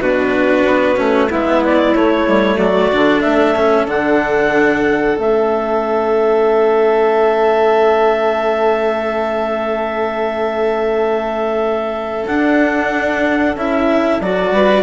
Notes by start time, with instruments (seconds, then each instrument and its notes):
0.00 bassoon B2, cello D4, violin F#4, clarinet B4
0.66 bassoon B3
0.96 bassoon A3, cello C#4
1.29 bassoon G#3, cello B3, violin E4, clarinet E5
1.65 clarinet D5
1.95 bassoon A3, cello A3, clarinet C#5
2.27 bassoon G3
2.57 bassoon F#3, violin F#4, clarinet D5
2.92 bassoon D3, cello D4
3.21 bassoon A3, violin A4, clarinet E5
3.56 cello C#4
3.86 bassoon D3, cello D4, clarinet F#5
5.16 bassoon A3, cello C#4, clarinet E5
12.27 cello D4, bassoon D4, clarinet F#5
13.55 bassoon C#4, cello E4, clarinet E5
14.21 bassoon F#3, cello F#4, clarinet D5
14.51 bassoon G3, violin B4